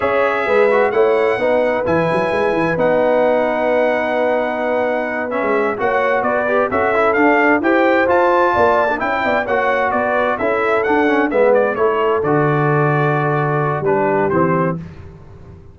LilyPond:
<<
  \new Staff \with { instrumentName = "trumpet" } { \time 4/4 \tempo 4 = 130 e''2 fis''2 | gis''2 fis''2~ | fis''2.~ fis''8 e''8~ | e''8 fis''4 d''4 e''4 f''8~ |
f''8 g''4 a''2 g''8~ | g''8 fis''4 d''4 e''4 fis''8~ | fis''8 e''8 d''8 cis''4 d''4.~ | d''2 b'4 c''4 | }
  \new Staff \with { instrumentName = "horn" } { \time 4/4 cis''4 b'4 cis''4 b'4~ | b'1~ | b'1~ | b'8 cis''4 b'4 a'4.~ |
a'8 c''2 d''4 e''8 | d''8 cis''4 b'4 a'4.~ | a'8 b'4 a'2~ a'8~ | a'2 g'2 | }
  \new Staff \with { instrumentName = "trombone" } { \time 4/4 gis'4. fis'8 e'4 dis'4 | e'2 dis'2~ | dis'2.~ dis'8 cis'8~ | cis'8 fis'4. g'8 fis'8 e'8 d'8~ |
d'8 g'4 f'4.~ f'16 d'16 e'8~ | e'8 fis'2 e'4 d'8 | cis'8 b4 e'4 fis'4.~ | fis'2 d'4 c'4 | }
  \new Staff \with { instrumentName = "tuba" } { \time 4/4 cis'4 gis4 a4 b4 | e8 fis8 gis8 e8 b2~ | b2.~ b8. gis16~ | gis8 ais4 b4 cis'4 d'8~ |
d'8 e'4 f'4 ais4 cis'8 | b8 ais4 b4 cis'4 d'8~ | d'8 gis4 a4 d4.~ | d2 g4 e4 | }
>>